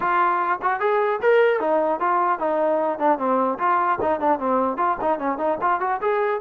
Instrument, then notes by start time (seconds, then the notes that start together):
trombone
0.00 F4
0.62 F#4
0.80 G#4
1.21 A#4
1.60 D#4
2.00 F4
2.39 D#4
2.98 D4
3.18 C4
3.58 F4
4.01 D#4
4.20 D4
4.39 C4
4.77 F4
5.01 D#4
5.19 C#4
5.37 D#4
5.61 F4
5.80 F#4
6.01 G#4